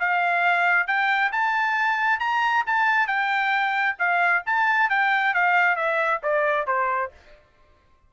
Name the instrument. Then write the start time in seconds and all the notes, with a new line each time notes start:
trumpet
0.00 F5
0.87 G5
1.33 A5
2.20 A#5
2.67 A5
3.07 G5
3.99 F5
4.46 A5
4.90 G5
5.34 F5
5.77 E5
6.23 D5
6.67 C5